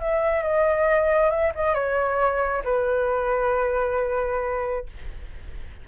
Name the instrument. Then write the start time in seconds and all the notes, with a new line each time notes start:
flute
0.00 E5
0.43 D#5
1.31 E5
1.55 D#5
1.75 C#5
2.64 B4